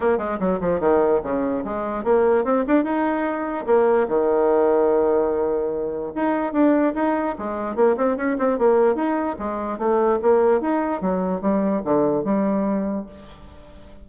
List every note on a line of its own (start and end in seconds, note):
0.00 0.18 A#3
0.18 0.38 G#3
0.39 0.60 F#3
0.60 0.80 F3
0.80 1.20 D#3
1.23 1.64 C#3
1.64 2.04 G#3
2.04 2.44 A#3
2.44 2.64 C4
2.67 2.83 D4
2.83 3.65 D#4
3.66 4.07 A#3
4.08 6.12 D#3
6.15 6.52 D#4
6.52 6.93 D4
6.95 7.35 D#4
7.38 7.75 G#3
7.75 7.96 A#3
7.96 8.17 C4
8.17 8.37 C#4
8.38 8.58 C4
8.58 8.95 A#3
8.95 9.36 D#4
9.38 9.78 G#3
9.78 10.19 A3
10.22 10.60 A#3
10.60 11.01 D#4
11.01 11.41 F#3
11.41 11.82 G3
11.84 12.24 D3
12.24 13.06 G3